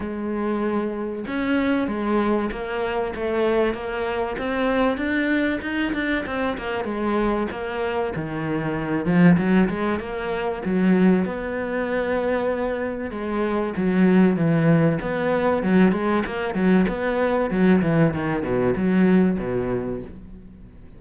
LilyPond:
\new Staff \with { instrumentName = "cello" } { \time 4/4 \tempo 4 = 96 gis2 cis'4 gis4 | ais4 a4 ais4 c'4 | d'4 dis'8 d'8 c'8 ais8 gis4 | ais4 dis4. f8 fis8 gis8 |
ais4 fis4 b2~ | b4 gis4 fis4 e4 | b4 fis8 gis8 ais8 fis8 b4 | fis8 e8 dis8 b,8 fis4 b,4 | }